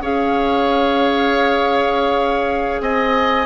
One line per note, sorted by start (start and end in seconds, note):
0.00 2.80 C#4
0.00 3.46 G#4
0.00 2.82 C#5
0.00 2.82 F5
2.80 3.46 C4
2.80 3.46 D#5
2.80 3.46 G#5